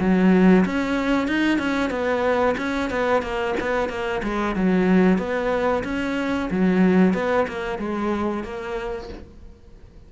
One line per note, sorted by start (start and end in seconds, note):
0.00 0.65 F#3
0.65 1.28 C#4
1.28 1.59 D#4
1.59 1.90 C#4
1.90 2.56 B3
2.58 2.90 C#4
2.90 3.22 B3
3.22 3.55 A#3
3.60 3.89 B3
3.89 4.22 A#3
4.23 4.55 G#3
4.55 5.18 F#3
5.18 5.83 B3
5.84 6.49 C#4
6.51 7.14 F#3
7.14 7.46 B3
7.48 7.78 A#3
7.78 8.44 G#3
8.44 9.09 A#3